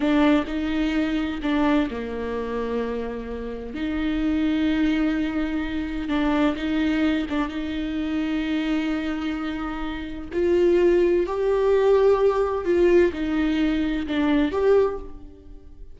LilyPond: \new Staff \with { instrumentName = "viola" } { \time 4/4 \tempo 4 = 128 d'4 dis'2 d'4 | ais1 | dis'1~ | dis'4 d'4 dis'4. d'8 |
dis'1~ | dis'2 f'2 | g'2. f'4 | dis'2 d'4 g'4 | }